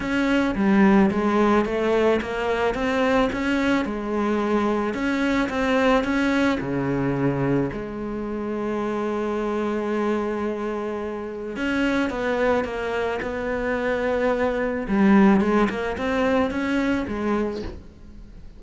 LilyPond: \new Staff \with { instrumentName = "cello" } { \time 4/4 \tempo 4 = 109 cis'4 g4 gis4 a4 | ais4 c'4 cis'4 gis4~ | gis4 cis'4 c'4 cis'4 | cis2 gis2~ |
gis1~ | gis4 cis'4 b4 ais4 | b2. g4 | gis8 ais8 c'4 cis'4 gis4 | }